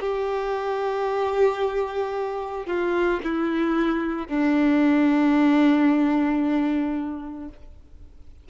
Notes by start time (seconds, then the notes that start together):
0.00 G4
2.66 F4
3.24 E4
4.28 D4